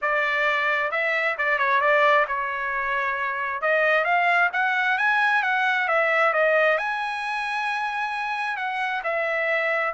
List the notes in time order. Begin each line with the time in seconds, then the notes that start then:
0.01 D5
0.91 E5
1.38 D5
1.58 C#5
1.80 D5
2.27 C#5
3.61 D#5
4.04 F5
4.52 F#5
4.97 G#5
5.43 F#5
5.87 E5
6.33 D#5
6.78 G#5
8.56 F#5
9.03 E5